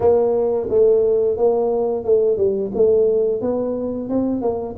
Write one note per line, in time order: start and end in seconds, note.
0.00 0.68 A#3
0.69 1.37 A3
1.37 2.04 A#3
2.04 2.37 A3
2.37 2.71 G3
2.75 3.41 A3
3.41 4.09 B3
4.09 4.41 C4
4.41 4.75 A#3